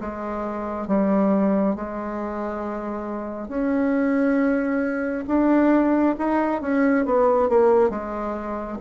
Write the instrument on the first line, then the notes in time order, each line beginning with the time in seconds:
bassoon
0.00 G#3
0.87 G3
1.75 G#3
3.48 C#4
5.27 D4
6.18 D#4
6.61 C#4
7.05 B3
7.49 A#3
7.89 G#3